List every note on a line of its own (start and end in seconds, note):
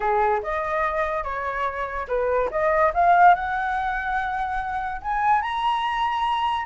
0.00 0.41 G#4
0.42 1.23 D#5
1.23 2.06 C#5
2.08 2.49 B4
2.51 2.92 D#5
2.94 3.34 F5
3.34 5.01 F#5
5.01 5.41 G#5
5.41 6.66 A#5